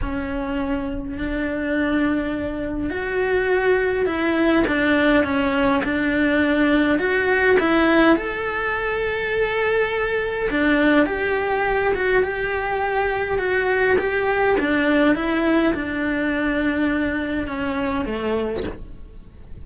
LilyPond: \new Staff \with { instrumentName = "cello" } { \time 4/4 \tempo 4 = 103 cis'2 d'2~ | d'4 fis'2 e'4 | d'4 cis'4 d'2 | fis'4 e'4 a'2~ |
a'2 d'4 g'4~ | g'8 fis'8 g'2 fis'4 | g'4 d'4 e'4 d'4~ | d'2 cis'4 a4 | }